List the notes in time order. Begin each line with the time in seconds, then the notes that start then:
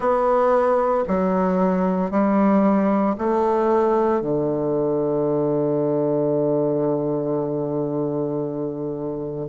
0.00 B3
1.07 F#3
2.11 G3
3.18 A3
4.21 D3